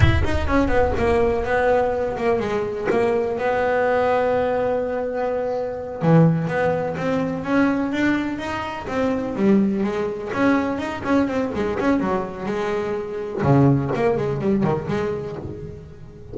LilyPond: \new Staff \with { instrumentName = "double bass" } { \time 4/4 \tempo 4 = 125 e'8 dis'8 cis'8 b8 ais4 b4~ | b8 ais8 gis4 ais4 b4~ | b1~ | b8 e4 b4 c'4 cis'8~ |
cis'8 d'4 dis'4 c'4 g8~ | g8 gis4 cis'4 dis'8 cis'8 c'8 | gis8 cis'8 fis4 gis2 | cis4 ais8 gis8 g8 dis8 gis4 | }